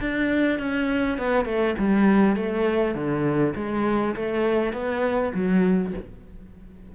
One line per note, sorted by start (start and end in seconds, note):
0.00 0.58 D4
0.58 1.17 C#4
1.17 1.45 B3
1.45 1.74 A3
1.78 2.35 G3
2.35 2.94 A3
2.94 3.54 D3
3.55 4.15 G#3
4.15 4.73 A3
4.73 5.32 B3
5.34 5.93 F#3